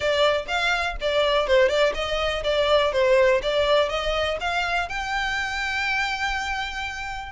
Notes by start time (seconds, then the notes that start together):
0.00 D5
0.47 F5
1.00 D5
1.47 C5
1.68 D5
1.94 D#5
2.43 D5
2.92 C5
3.42 D5
3.89 D#5
4.40 F5
4.88 G5